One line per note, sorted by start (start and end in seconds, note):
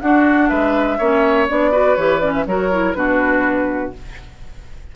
0.00 0.50 D4
0.00 1.00 D4
0.00 0.49 F#4
0.00 0.48 F#5
0.48 0.99 G#3
0.48 0.98 B4
0.48 1.47 E5
0.98 1.48 A#3
0.98 1.48 C#4
0.98 1.71 C#5
1.48 1.97 B3
1.48 1.72 D4
1.48 1.96 D5
1.71 1.97 F#4
1.71 2.45 B4
1.96 2.46 E3
1.96 2.21 G4
1.96 2.20 C#5
2.20 2.45 C#4
2.20 2.32 D5
2.33 2.45 E5
2.46 2.95 F#3
2.46 2.71 F#4
2.46 2.97 A#4
2.46 2.94 C#5
2.71 2.94 E4
2.94 3.93 B2
2.94 3.93 D4
2.94 3.95 F#4
2.94 3.92 B4